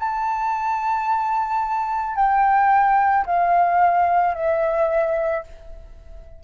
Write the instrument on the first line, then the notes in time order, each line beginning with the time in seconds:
flute
0.00 A5
2.16 G5
3.26 F5
4.34 E5